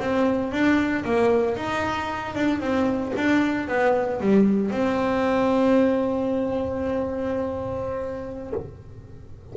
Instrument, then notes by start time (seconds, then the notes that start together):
double bass
0.00 C4
0.52 D4
1.05 A#3
1.56 D#4
2.35 D4
2.60 C4
3.16 D4
3.68 B3
4.20 G3
4.71 C4